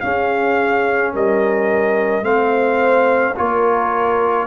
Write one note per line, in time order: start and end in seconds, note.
0.00 2.23 C#4
0.00 1.14 C#4
0.00 1.13 G#4
0.00 1.11 F5
1.13 2.22 G3
1.13 2.24 A#4
1.13 2.24 D#5
2.22 3.33 A3
2.22 3.34 C4
2.22 3.37 C5
2.22 3.35 F5
3.36 4.47 A#3
3.36 4.47 F4
3.36 4.47 A#4
3.36 4.47 C#5